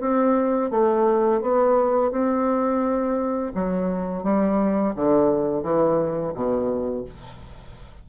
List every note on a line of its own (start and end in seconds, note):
0.00 0.70 C4
0.70 1.41 A3
1.41 2.11 B3
2.11 3.52 C4
3.54 4.23 F#3
4.23 4.93 G3
4.95 5.63 D3
5.63 6.33 E3
6.34 7.04 B2